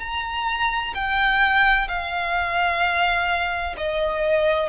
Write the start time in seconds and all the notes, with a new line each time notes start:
0.00 A#5
0.95 G5
1.88 F5
3.78 D#5